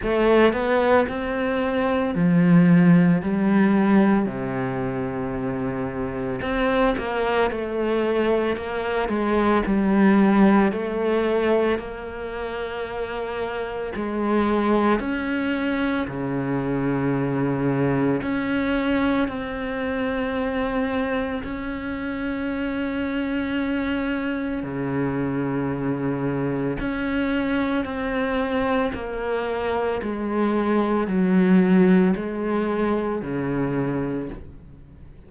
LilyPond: \new Staff \with { instrumentName = "cello" } { \time 4/4 \tempo 4 = 56 a8 b8 c'4 f4 g4 | c2 c'8 ais8 a4 | ais8 gis8 g4 a4 ais4~ | ais4 gis4 cis'4 cis4~ |
cis4 cis'4 c'2 | cis'2. cis4~ | cis4 cis'4 c'4 ais4 | gis4 fis4 gis4 cis4 | }